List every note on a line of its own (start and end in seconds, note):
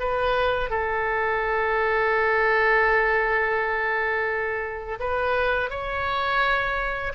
0.00 0.70 B4
0.70 4.99 A4
5.00 5.70 B4
5.70 7.13 C#5